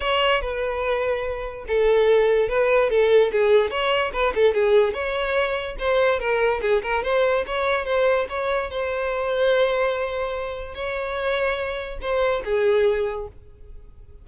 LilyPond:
\new Staff \with { instrumentName = "violin" } { \time 4/4 \tempo 4 = 145 cis''4 b'2. | a'2 b'4 a'4 | gis'4 cis''4 b'8 a'8 gis'4 | cis''2 c''4 ais'4 |
gis'8 ais'8 c''4 cis''4 c''4 | cis''4 c''2.~ | c''2 cis''2~ | cis''4 c''4 gis'2 | }